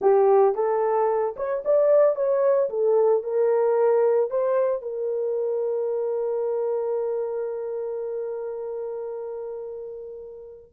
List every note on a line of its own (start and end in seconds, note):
0.01 0.55 G4
0.55 1.35 A4
1.36 1.63 C#5
1.64 2.15 D5
2.15 2.69 C#5
2.69 3.23 A4
3.23 4.30 A#4
4.30 4.82 C5
4.82 10.71 A#4